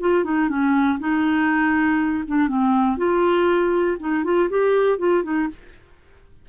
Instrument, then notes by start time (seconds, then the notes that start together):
clarinet
0.00 F4
0.24 D#4
0.49 C#4
0.99 D#4
2.27 D4
2.48 C4
2.97 F4
4.00 D#4
4.24 F4
4.50 G4
4.98 F4
5.23 D#4